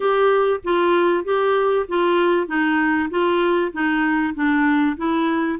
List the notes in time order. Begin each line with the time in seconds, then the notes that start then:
0.00 G4
0.64 F4
1.24 G4
1.88 F4
2.47 D#4
3.10 F4
3.72 D#4
4.34 D4
4.96 E4